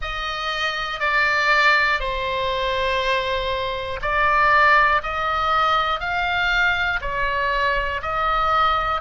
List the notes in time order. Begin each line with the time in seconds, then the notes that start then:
0.01 D#5
1.00 D5
2.00 C5
4.01 D5
5.03 D#5
6.00 F5
7.01 C#5
8.01 D#5